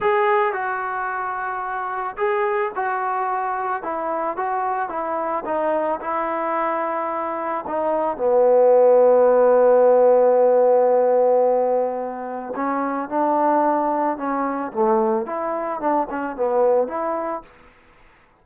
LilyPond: \new Staff \with { instrumentName = "trombone" } { \time 4/4 \tempo 4 = 110 gis'4 fis'2. | gis'4 fis'2 e'4 | fis'4 e'4 dis'4 e'4~ | e'2 dis'4 b4~ |
b1~ | b2. cis'4 | d'2 cis'4 a4 | e'4 d'8 cis'8 b4 e'4 | }